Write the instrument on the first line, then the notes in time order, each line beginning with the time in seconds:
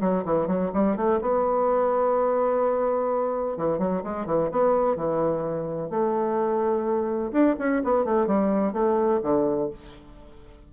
bassoon
0.00 F#3
0.24 E3
0.47 F#3
0.73 G3
0.96 A3
1.21 B3
3.57 E3
3.78 F#3
4.03 G#3
4.25 E3
4.51 B3
4.96 E3
5.89 A3
7.32 D4
7.58 C#4
7.84 B3
8.04 A3
8.26 G3
8.72 A3
9.22 D3